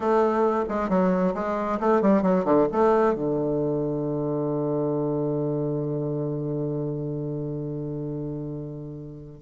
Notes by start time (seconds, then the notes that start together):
0.00 A3
0.69 G#3
0.89 F#3
1.34 G#3
1.80 A3
2.01 G3
2.22 F#3
2.44 D3
2.72 A3
3.14 D3